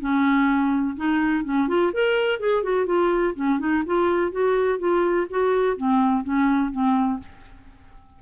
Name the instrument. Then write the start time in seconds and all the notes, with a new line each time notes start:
clarinet
0.00 C#4
0.96 D#4
1.44 C#4
1.68 F4
1.93 A#4
2.39 G#4
2.63 F#4
2.86 F4
3.35 C#4
3.59 D#4
3.86 F4
4.31 F#4
4.79 F4
5.30 F#4
5.77 C4
6.24 C#4
6.71 C4